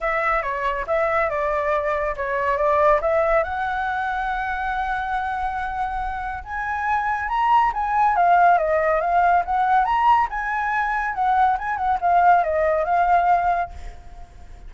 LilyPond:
\new Staff \with { instrumentName = "flute" } { \time 4/4 \tempo 4 = 140 e''4 cis''4 e''4 d''4~ | d''4 cis''4 d''4 e''4 | fis''1~ | fis''2. gis''4~ |
gis''4 ais''4 gis''4 f''4 | dis''4 f''4 fis''4 ais''4 | gis''2 fis''4 gis''8 fis''8 | f''4 dis''4 f''2 | }